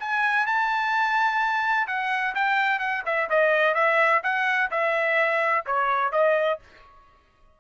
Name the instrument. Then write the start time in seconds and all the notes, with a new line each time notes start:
trumpet
0.00 G#5
0.47 A5
1.87 F#5
2.35 G5
2.80 F#5
3.06 E5
3.30 D#5
3.75 E5
4.23 F#5
4.71 E5
5.66 C#5
6.12 D#5